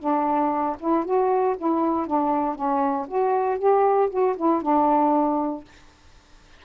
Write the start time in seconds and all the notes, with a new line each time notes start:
0.00 D4
0.80 E4
1.05 F#4
1.58 E4
2.07 D4
2.56 C#4
3.08 F#4
3.59 G4
4.11 F#4
4.37 E4
4.62 D4